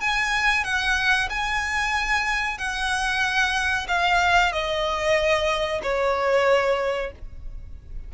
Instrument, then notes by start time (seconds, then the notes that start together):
violin
0.00 G#5
0.64 F#5
1.29 G#5
2.57 F#5
3.88 F5
4.52 D#5
5.82 C#5